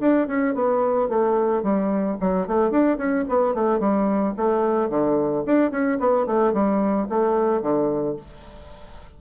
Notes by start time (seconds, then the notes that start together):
0.00 D4
0.28 C#4
0.55 B3
1.09 A3
1.63 G3
2.20 F#3
2.47 A3
2.71 D4
2.98 C#4
3.29 B3
3.55 A3
3.80 G3
4.37 A3
4.90 D3
5.46 D4
5.71 C#4
6.00 B3
6.27 A3
6.53 G3
7.09 A3
7.62 D3